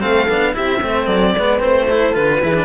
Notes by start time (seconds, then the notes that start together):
0.00 A3 C4 A4 F5
0.28 B3 D4
0.53 C4 E4 G4 E5
0.82 A3 C4 C5
1.06 F#3 A4 D5
1.37 G#3 B3 B4
1.60 A3 C4 C5
1.86 E4 A4
2.14 D3 F4 B4
2.41 E3 E4 G#4
2.55 D4